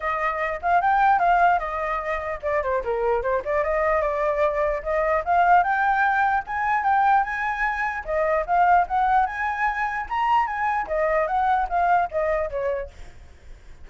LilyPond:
\new Staff \with { instrumentName = "flute" } { \time 4/4 \tempo 4 = 149 dis''4. f''8 g''4 f''4 | dis''2 d''8 c''8 ais'4 | c''8 d''8 dis''4 d''2 | dis''4 f''4 g''2 |
gis''4 g''4 gis''2 | dis''4 f''4 fis''4 gis''4~ | gis''4 ais''4 gis''4 dis''4 | fis''4 f''4 dis''4 cis''4 | }